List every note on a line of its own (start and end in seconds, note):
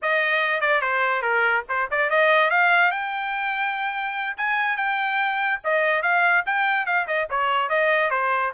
0.02 0.60 D#5
0.60 0.81 D5
0.81 1.22 C5
1.22 1.63 A#4
1.68 1.89 C5
1.90 2.10 D5
2.10 2.50 D#5
2.50 2.91 F5
2.91 4.37 G5
4.37 4.76 G#5
4.76 5.60 G5
5.64 6.02 D#5
6.02 6.44 F5
6.46 6.86 G5
6.86 7.06 F5
7.07 7.28 D#5
7.30 7.69 C#5
7.69 8.10 D#5
8.10 8.52 C5